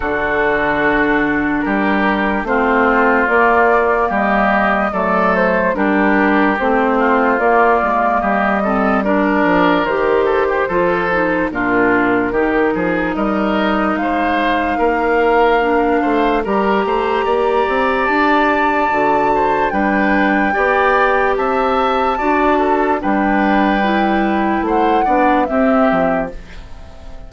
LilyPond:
<<
  \new Staff \with { instrumentName = "flute" } { \time 4/4 \tempo 4 = 73 a'2 ais'4 c''4 | d''4 dis''4 d''8 c''8 ais'4 | c''4 d''4 dis''4 d''4 | c''2 ais'2 |
dis''4 f''2. | ais''2 a''2 | g''2 a''2 | g''2 fis''4 e''4 | }
  \new Staff \with { instrumentName = "oboe" } { \time 4/4 fis'2 g'4 f'4~ | f'4 g'4 a'4 g'4~ | g'8 f'4. g'8 a'8 ais'4~ | ais'8 a'16 g'16 a'4 f'4 g'8 gis'8 |
ais'4 c''4 ais'4. c''8 | ais'8 c''8 d''2~ d''8 c''8 | b'4 d''4 e''4 d''8 a'8 | b'2 c''8 d''8 g'4 | }
  \new Staff \with { instrumentName = "clarinet" } { \time 4/4 d'2. c'4 | ais2 a4 d'4 | c'4 ais4. c'8 d'4 | g'4 f'8 dis'8 d'4 dis'4~ |
dis'2. d'4 | g'2. fis'4 | d'4 g'2 fis'4 | d'4 e'4. d'8 c'4 | }
  \new Staff \with { instrumentName = "bassoon" } { \time 4/4 d2 g4 a4 | ais4 g4 fis4 g4 | a4 ais8 gis8 g4. f8 | dis4 f4 ais,4 dis8 f8 |
g4 gis4 ais4. a8 | g8 a8 ais8 c'8 d'4 d4 | g4 b4 c'4 d'4 | g2 a8 b8 c'8 f8 | }
>>